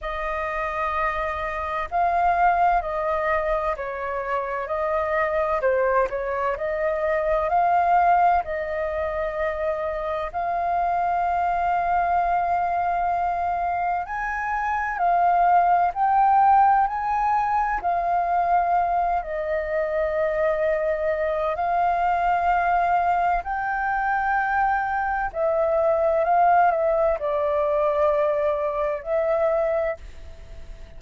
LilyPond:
\new Staff \with { instrumentName = "flute" } { \time 4/4 \tempo 4 = 64 dis''2 f''4 dis''4 | cis''4 dis''4 c''8 cis''8 dis''4 | f''4 dis''2 f''4~ | f''2. gis''4 |
f''4 g''4 gis''4 f''4~ | f''8 dis''2~ dis''8 f''4~ | f''4 g''2 e''4 | f''8 e''8 d''2 e''4 | }